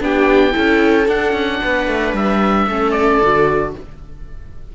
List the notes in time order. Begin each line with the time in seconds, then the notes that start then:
0.00 B3 D4 G4 G5
0.51 C#4 E4 A4
1.07 D4 F#5
1.32 C#4
1.63 B3 B4
1.87 A3
2.13 G3 E5
2.66 A3 C#4 A4
2.91 D5
3.21 D3 F#4